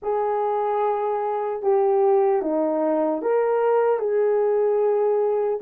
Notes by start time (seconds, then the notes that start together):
0.02 G#4
1.62 G4
2.41 D#4
3.22 A#4
3.99 G#4